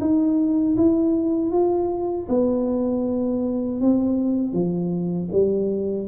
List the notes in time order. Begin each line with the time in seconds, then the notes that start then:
0.00 D#4
0.77 E4
1.51 F4
2.29 B3
3.81 C4
4.53 F3
5.32 G3